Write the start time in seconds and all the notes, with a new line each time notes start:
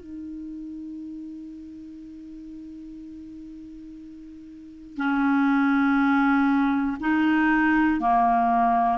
0.00 D#4
4.97 C#4
7.00 D#4
8.00 A#3